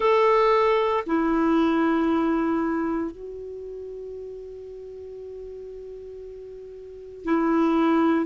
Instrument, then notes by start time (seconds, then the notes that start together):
clarinet
0.00 A4
1.06 E4
3.11 F#4
7.24 E4